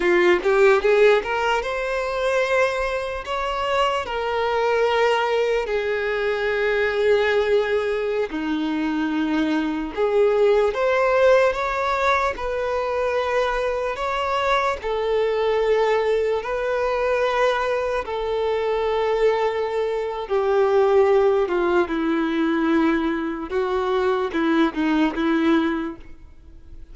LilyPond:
\new Staff \with { instrumentName = "violin" } { \time 4/4 \tempo 4 = 74 f'8 g'8 gis'8 ais'8 c''2 | cis''4 ais'2 gis'4~ | gis'2~ gis'16 dis'4.~ dis'16~ | dis'16 gis'4 c''4 cis''4 b'8.~ |
b'4~ b'16 cis''4 a'4.~ a'16~ | a'16 b'2 a'4.~ a'16~ | a'4 g'4. f'8 e'4~ | e'4 fis'4 e'8 dis'8 e'4 | }